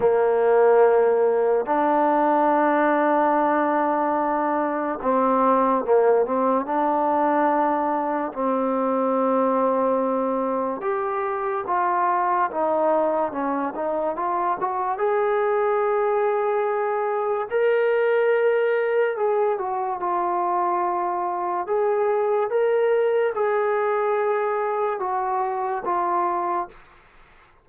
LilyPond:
\new Staff \with { instrumentName = "trombone" } { \time 4/4 \tempo 4 = 72 ais2 d'2~ | d'2 c'4 ais8 c'8 | d'2 c'2~ | c'4 g'4 f'4 dis'4 |
cis'8 dis'8 f'8 fis'8 gis'2~ | gis'4 ais'2 gis'8 fis'8 | f'2 gis'4 ais'4 | gis'2 fis'4 f'4 | }